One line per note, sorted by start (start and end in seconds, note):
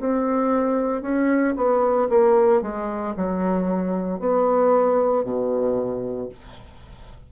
0.00 1.02 C4
1.02 1.55 C#4
1.56 2.09 B3
2.10 2.62 A#3
2.62 3.15 G#3
3.16 4.20 F#3
4.20 5.24 B3
5.24 6.30 B2